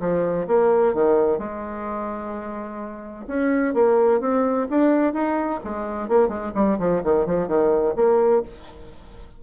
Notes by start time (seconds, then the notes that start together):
0.00 F3
0.47 A#3
0.94 D#3
1.38 G#3
3.27 C#4
3.74 A#3
4.21 C4
4.70 D4
5.13 D#4
5.64 G#3
6.08 A#3
6.28 G#3
6.55 G3
6.79 F3
7.04 D#3
7.26 F3
7.48 D#3
7.96 A#3